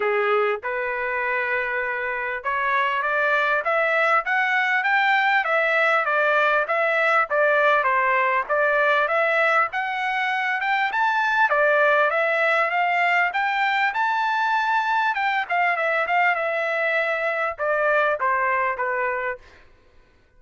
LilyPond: \new Staff \with { instrumentName = "trumpet" } { \time 4/4 \tempo 4 = 99 gis'4 b'2. | cis''4 d''4 e''4 fis''4 | g''4 e''4 d''4 e''4 | d''4 c''4 d''4 e''4 |
fis''4. g''8 a''4 d''4 | e''4 f''4 g''4 a''4~ | a''4 g''8 f''8 e''8 f''8 e''4~ | e''4 d''4 c''4 b'4 | }